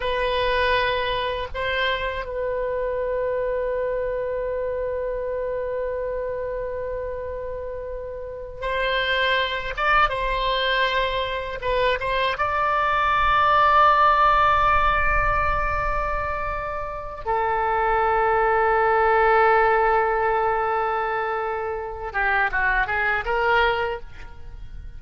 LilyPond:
\new Staff \with { instrumentName = "oboe" } { \time 4/4 \tempo 4 = 80 b'2 c''4 b'4~ | b'1~ | b'2.~ b'8 c''8~ | c''4 d''8 c''2 b'8 |
c''8 d''2.~ d''8~ | d''2. a'4~ | a'1~ | a'4. g'8 fis'8 gis'8 ais'4 | }